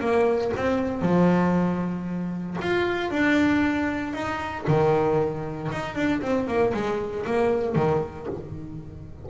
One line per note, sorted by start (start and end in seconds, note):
0.00 0.52 A#3
0.56 1.02 C4
1.02 2.57 F3
2.61 3.11 F4
3.11 4.14 D4
4.14 4.65 D#4
4.67 5.71 D#3
5.72 5.95 D#4
5.95 6.21 D4
6.21 6.47 C4
6.47 6.73 A#3
6.74 7.25 G#3
7.26 7.75 A#3
7.75 8.27 D#3